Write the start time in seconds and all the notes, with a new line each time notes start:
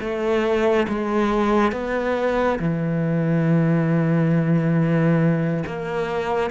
0.00 A3
0.89 G#3
1.72 B3
2.60 E3
5.67 A#3